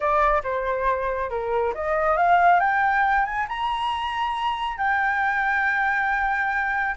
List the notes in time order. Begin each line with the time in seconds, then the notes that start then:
0.00 D5
0.43 C5
1.29 A#4
1.74 D#5
2.16 F5
2.60 G5
3.25 G#5
3.48 A#5
4.77 G5